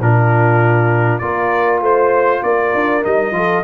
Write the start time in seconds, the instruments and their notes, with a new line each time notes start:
0.00 tuba A#2, trombone D4, horn F4, trumpet A#4
1.19 tuba A#3, trombone F4, horn A#4, trumpet D5
1.81 tuba A3, horn C5, trumpet C5
2.43 tuba A#3, horn A#4, trumpet D5
2.75 tuba D4
3.03 tuba G3, trombone D#4, trumpet D#5
3.32 tuba F3, trombone F4, horn A4